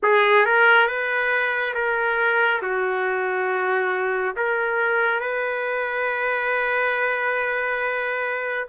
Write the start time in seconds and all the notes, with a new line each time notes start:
0.02 G#4
0.45 A#4
0.87 B4
1.74 A#4
2.62 F#4
4.36 A#4
5.20 B4